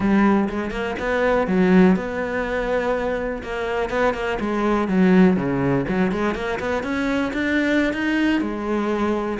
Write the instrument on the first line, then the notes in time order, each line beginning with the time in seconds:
cello
0.00 G3
0.49 G#3
0.70 A#3
0.99 B3
1.47 F#3
1.96 B3
3.43 A#3
3.89 B3
4.13 A#3
4.40 G#3
4.88 F#3
5.36 C#3
5.88 F#3
6.11 G#3
6.34 A#3
6.59 B3
6.83 C#4
7.33 D4
7.93 D#4
8.41 G#3